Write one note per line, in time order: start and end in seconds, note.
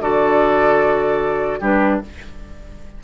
0.00 1.61 D3
0.00 1.61 F#4
0.00 1.60 A4
0.00 1.62 D5
1.60 2.01 G3
1.60 2.02 D4
1.60 2.00 G4
1.60 2.03 B4